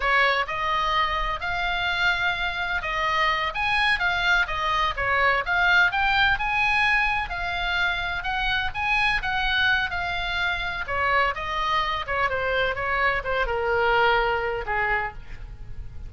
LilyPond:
\new Staff \with { instrumentName = "oboe" } { \time 4/4 \tempo 4 = 127 cis''4 dis''2 f''4~ | f''2 dis''4. gis''8~ | gis''8 f''4 dis''4 cis''4 f''8~ | f''8 g''4 gis''2 f''8~ |
f''4. fis''4 gis''4 fis''8~ | fis''4 f''2 cis''4 | dis''4. cis''8 c''4 cis''4 | c''8 ais'2~ ais'8 gis'4 | }